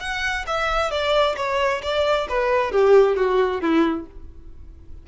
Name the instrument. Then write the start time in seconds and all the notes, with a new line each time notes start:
violin
0.00 F#5
0.46 E5
0.90 D5
1.36 C#5
1.82 D5
2.29 B4
2.71 G4
3.16 F#4
3.61 E4